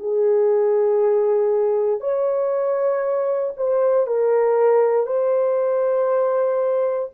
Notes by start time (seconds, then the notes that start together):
0.00 G#4
2.01 C#5
3.57 C5
4.07 A#4
5.07 C5